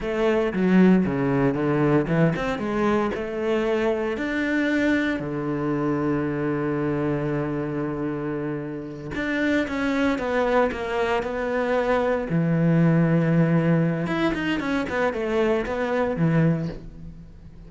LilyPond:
\new Staff \with { instrumentName = "cello" } { \time 4/4 \tempo 4 = 115 a4 fis4 cis4 d4 | e8 c'8 gis4 a2 | d'2 d2~ | d1~ |
d4. d'4 cis'4 b8~ | b8 ais4 b2 e8~ | e2. e'8 dis'8 | cis'8 b8 a4 b4 e4 | }